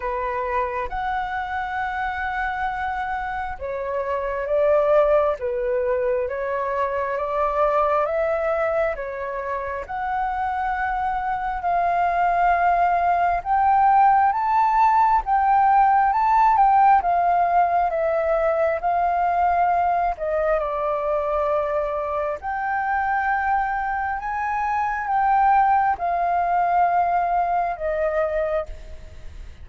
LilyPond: \new Staff \with { instrumentName = "flute" } { \time 4/4 \tempo 4 = 67 b'4 fis''2. | cis''4 d''4 b'4 cis''4 | d''4 e''4 cis''4 fis''4~ | fis''4 f''2 g''4 |
a''4 g''4 a''8 g''8 f''4 | e''4 f''4. dis''8 d''4~ | d''4 g''2 gis''4 | g''4 f''2 dis''4 | }